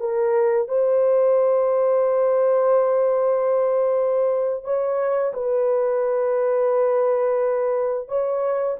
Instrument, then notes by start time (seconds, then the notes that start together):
horn
0.00 A#4
0.69 C5
4.65 C#5
5.34 B4
8.08 C#5